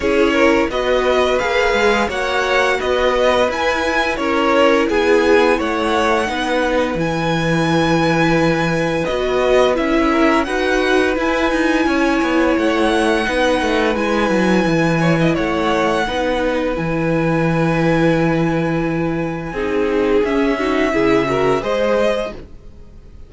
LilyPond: <<
  \new Staff \with { instrumentName = "violin" } { \time 4/4 \tempo 4 = 86 cis''4 dis''4 f''4 fis''4 | dis''4 gis''4 cis''4 gis''4 | fis''2 gis''2~ | gis''4 dis''4 e''4 fis''4 |
gis''2 fis''2 | gis''2 fis''2 | gis''1~ | gis''4 e''2 dis''4 | }
  \new Staff \with { instrumentName = "violin" } { \time 4/4 gis'8 ais'8 b'2 cis''4 | b'2 ais'4 gis'4 | cis''4 b'2.~ | b'2~ b'8 ais'8 b'4~ |
b'4 cis''2 b'4~ | b'4. cis''16 dis''16 cis''4 b'4~ | b'1 | gis'4. fis'8 gis'8 ais'8 c''4 | }
  \new Staff \with { instrumentName = "viola" } { \time 4/4 e'4 fis'4 gis'4 fis'4~ | fis'4 e'2.~ | e'4 dis'4 e'2~ | e'4 fis'4 e'4 fis'4 |
e'2. dis'4 | e'2. dis'4 | e'1 | dis'4 cis'8 dis'8 e'8 fis'8 gis'4 | }
  \new Staff \with { instrumentName = "cello" } { \time 4/4 cis'4 b4 ais8 gis8 ais4 | b4 e'4 cis'4 b4 | a4 b4 e2~ | e4 b4 cis'4 dis'4 |
e'8 dis'8 cis'8 b8 a4 b8 a8 | gis8 fis8 e4 a4 b4 | e1 | c'4 cis'4 cis4 gis4 | }
>>